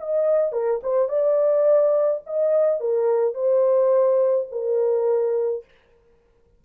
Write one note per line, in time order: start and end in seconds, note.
0.00 0.53 D#5
0.53 0.81 A#4
0.84 1.09 C5
1.09 2.22 D5
2.27 2.81 D#5
2.81 3.35 A#4
3.35 4.48 C5
4.52 5.65 A#4